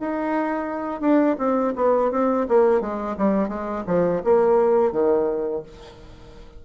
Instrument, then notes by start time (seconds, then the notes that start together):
bassoon
0.00 D#4
1.01 D4
1.38 C4
1.76 B3
2.11 C4
2.49 A#3
2.81 G#3
3.18 G3
3.48 G#3
3.87 F3
4.24 A#3
4.92 D#3